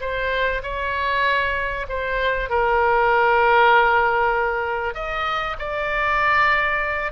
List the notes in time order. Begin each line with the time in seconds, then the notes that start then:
0.00 C5
0.62 C#5
1.88 C5
2.49 A#4
4.94 D#5
5.59 D5